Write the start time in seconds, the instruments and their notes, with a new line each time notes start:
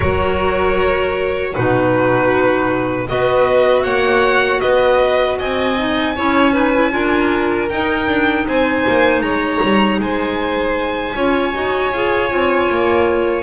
0.00 double bass F#3, clarinet F#4, violin A#4 C#5
1.53 double bass B2, clarinet D#4, violin F#4 B4
3.06 double bass B3, clarinet F#4, violin B4 D#5
3.83 double bass A#3, violin C#5 F#5
4.60 double bass B3, violin B4 D#5
5.38 double bass C4, violin D#5 G#5
5.76 clarinet D#4
6.15 double bass C#4, clarinet E4, violin C#5
6.52 clarinet D#4, violin B4
6.73 clarinet E4
6.91 double bass D4, clarinet F4, violin A#4
7.69 double bass D#4, clarinet D#4, violin G5
8.07 double bass D4
8.47 double bass C4, violin C5 G#5
8.87 double bass A#3
9.20 double bass G#3, violin C#5 A#5
9.62 double bass G3
9.99 double bass G#3, violin C5 G#5
11.15 double bass C#4, clarinet F4, violin C#5
11.53 double bass D#4, clarinet F#4
11.92 double bass F4, clarinet G#4
12.29 double bass C4, clarinet F4
12.70 double bass A#3